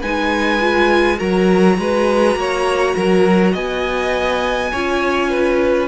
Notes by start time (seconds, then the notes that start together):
0.00 G#3 D#4 B4 G#5
0.61 F4
1.18 F#3 F#4 A#4 A#5
1.79 G#3 B4
2.36 A#3 C#5
2.96 F#3 A#4
3.53 B3 D#5 G#5
4.72 C#4 F4 C#5
5.30 B4